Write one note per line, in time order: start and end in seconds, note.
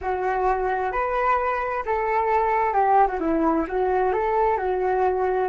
0.01 0.91 F#4
0.91 1.83 B4
1.85 2.73 A4
2.73 3.07 G4
3.07 3.19 F#4
3.20 3.66 E4
3.67 4.12 F#4
4.12 4.57 A4
4.57 5.48 F#4